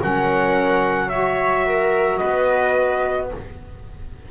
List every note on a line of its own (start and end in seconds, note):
0.00 2.22 F#3
0.00 1.09 C#4
0.00 1.09 A#4
0.00 1.09 F#5
1.09 3.29 F#4
1.09 1.66 C#5
1.09 2.18 E5
1.66 2.19 A#4
2.18 3.31 B3
2.18 3.28 B4
2.18 3.27 D#5